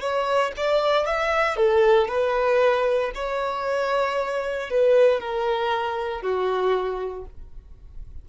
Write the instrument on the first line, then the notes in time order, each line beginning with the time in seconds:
violin
0.00 C#5
0.56 D5
1.06 E5
1.56 A4
2.08 B4
3.15 C#5
4.70 B4
5.20 A#4
6.21 F#4